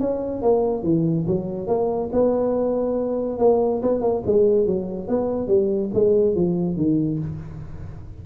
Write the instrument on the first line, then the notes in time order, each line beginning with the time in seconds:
tuba
0.00 C#4
0.42 A#3
0.83 E3
1.27 F#3
1.67 A#3
2.13 B3
3.39 A#3
3.82 B3
4.02 A#3
4.26 G#3
4.67 F#3
5.08 B3
5.48 G3
5.94 G#3
6.35 F3
6.77 D#3